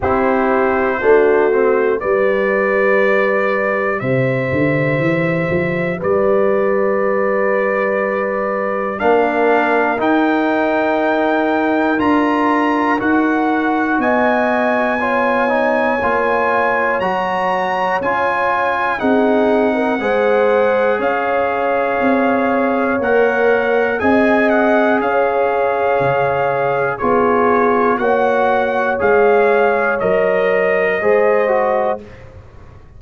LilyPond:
<<
  \new Staff \with { instrumentName = "trumpet" } { \time 4/4 \tempo 4 = 60 c''2 d''2 | e''2 d''2~ | d''4 f''4 g''2 | ais''4 fis''4 gis''2~ |
gis''4 ais''4 gis''4 fis''4~ | fis''4 f''2 fis''4 | gis''8 fis''8 f''2 cis''4 | fis''4 f''4 dis''2 | }
  \new Staff \with { instrumentName = "horn" } { \time 4/4 g'4 fis'4 b'2 | c''2 b'2~ | b'4 ais'2.~ | ais'2 dis''4 cis''4~ |
cis''2. gis'8. ais'16 | c''4 cis''2. | dis''4 cis''2 gis'4 | cis''2. c''4 | }
  \new Staff \with { instrumentName = "trombone" } { \time 4/4 e'4 d'8 c'8 g'2~ | g'1~ | g'4 d'4 dis'2 | f'4 fis'2 f'8 dis'8 |
f'4 fis'4 f'4 dis'4 | gis'2. ais'4 | gis'2. f'4 | fis'4 gis'4 ais'4 gis'8 fis'8 | }
  \new Staff \with { instrumentName = "tuba" } { \time 4/4 c'4 a4 g2 | c8 d8 e8 f8 g2~ | g4 ais4 dis'2 | d'4 dis'4 b2 |
ais4 fis4 cis'4 c'4 | gis4 cis'4 c'4 ais4 | c'4 cis'4 cis4 b4 | ais4 gis4 fis4 gis4 | }
>>